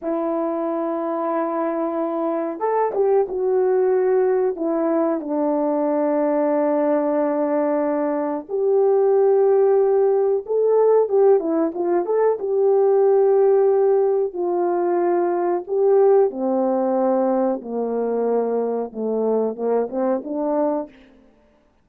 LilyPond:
\new Staff \with { instrumentName = "horn" } { \time 4/4 \tempo 4 = 92 e'1 | a'8 g'8 fis'2 e'4 | d'1~ | d'4 g'2. |
a'4 g'8 e'8 f'8 a'8 g'4~ | g'2 f'2 | g'4 c'2 ais4~ | ais4 a4 ais8 c'8 d'4 | }